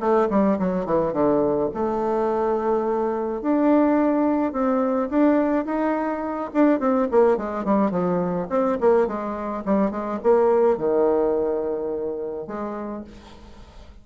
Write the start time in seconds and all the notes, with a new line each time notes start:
0.00 A3
0.30 G3
0.59 F#3
0.86 E3
1.13 D3
1.74 A3
3.42 D4
4.53 C4
5.10 D4
5.66 D#4
6.54 D4
6.80 C4
7.11 A#3
7.38 G#3
7.65 G3
7.91 F3
8.50 C4
8.81 A#3
9.07 G#3
9.66 G3
9.91 G#3
10.23 A#3
10.78 D#3
12.48 G#3